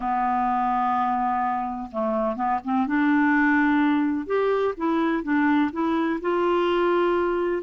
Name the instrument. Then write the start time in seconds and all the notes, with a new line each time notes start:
clarinet
0.00 B3
1.91 A3
2.35 B3
2.63 C4
2.86 D4
4.26 G4
4.77 E4
5.23 D4
5.72 E4
6.21 F4